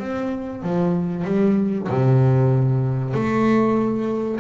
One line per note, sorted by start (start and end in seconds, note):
0.00 0.63 C4
0.63 1.25 F3
1.25 1.88 G3
1.89 3.14 C3
3.14 4.40 A3